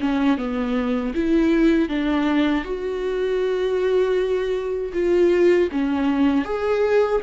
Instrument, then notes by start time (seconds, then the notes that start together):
viola
0.00 C#4
0.38 B3
1.14 E4
1.89 D4
2.65 F#4
4.93 F4
5.72 C#4
6.45 G#4